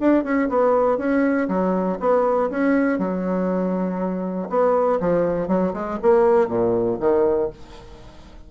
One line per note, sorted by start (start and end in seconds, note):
0.00 0.24 D4
0.24 0.49 C#4
0.49 0.98 B3
0.98 1.48 C#4
1.48 1.98 F#3
2.00 2.50 B3
2.50 2.99 C#4
2.99 4.49 F#3
4.50 5.00 B3
5.00 5.48 F3
5.48 5.73 F#3
5.74 5.99 G#3
6.02 6.48 A#3
6.48 6.98 A#2
7.00 7.50 D#3